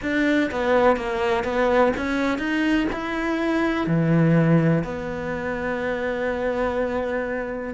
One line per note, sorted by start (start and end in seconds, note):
0.02 0.50 D4
0.51 0.96 B3
0.96 1.44 A#3
1.44 1.92 B3
1.96 2.38 C#4
2.38 2.87 D#4
2.92 3.86 E4
3.86 4.83 E3
4.84 7.74 B3